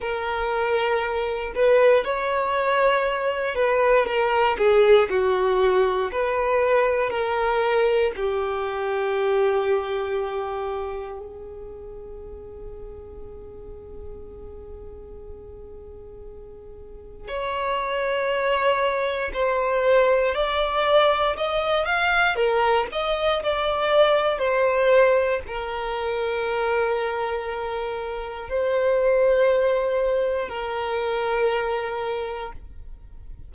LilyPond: \new Staff \with { instrumentName = "violin" } { \time 4/4 \tempo 4 = 59 ais'4. b'8 cis''4. b'8 | ais'8 gis'8 fis'4 b'4 ais'4 | g'2. gis'4~ | gis'1~ |
gis'4 cis''2 c''4 | d''4 dis''8 f''8 ais'8 dis''8 d''4 | c''4 ais'2. | c''2 ais'2 | }